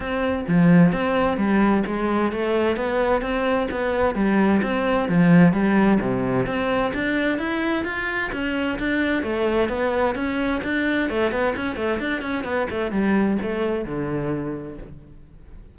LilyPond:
\new Staff \with { instrumentName = "cello" } { \time 4/4 \tempo 4 = 130 c'4 f4 c'4 g4 | gis4 a4 b4 c'4 | b4 g4 c'4 f4 | g4 c4 c'4 d'4 |
e'4 f'4 cis'4 d'4 | a4 b4 cis'4 d'4 | a8 b8 cis'8 a8 d'8 cis'8 b8 a8 | g4 a4 d2 | }